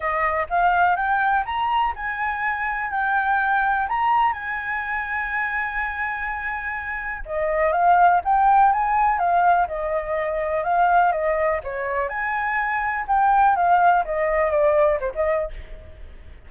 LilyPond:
\new Staff \with { instrumentName = "flute" } { \time 4/4 \tempo 4 = 124 dis''4 f''4 g''4 ais''4 | gis''2 g''2 | ais''4 gis''2.~ | gis''2. dis''4 |
f''4 g''4 gis''4 f''4 | dis''2 f''4 dis''4 | cis''4 gis''2 g''4 | f''4 dis''4 d''4 c''16 dis''8. | }